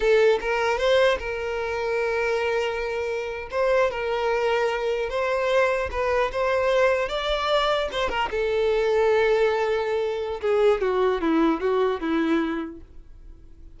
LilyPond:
\new Staff \with { instrumentName = "violin" } { \time 4/4 \tempo 4 = 150 a'4 ais'4 c''4 ais'4~ | ais'1~ | ais'8. c''4 ais'2~ ais'16~ | ais'8. c''2 b'4 c''16~ |
c''4.~ c''16 d''2 c''16~ | c''16 ais'8 a'2.~ a'16~ | a'2 gis'4 fis'4 | e'4 fis'4 e'2 | }